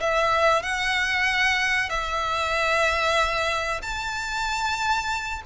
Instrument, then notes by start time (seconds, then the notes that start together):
violin
0.00 E5
0.63 F#5
1.89 E5
3.82 A5